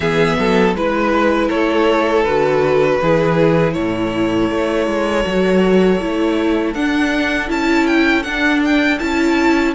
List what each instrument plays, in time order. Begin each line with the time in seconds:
0.00 cello E3, viola B3, violin G#4 E5
0.38 cello F#3, violin A4
0.74 cello G#3, viola E4, violin B4
1.48 cello A3, violin A4 C#5
2.23 cello D3, viola F#4, violin B4
3.02 cello E3, viola E4, violin G#4
3.73 cello A2, violin A4 C#5
4.50 cello A3
4.87 cello G#3
5.23 cello F#3, viola F#4
6.00 cello A3, viola E4
6.74 cello D4, viola D4, violin F#5
7.48 cello C#4, viola E4, violin A5
7.86 violin G5
8.22 viola D4, cello D4, violin F#5
8.64 violin G5
8.99 cello C#4, viola E4, violin A5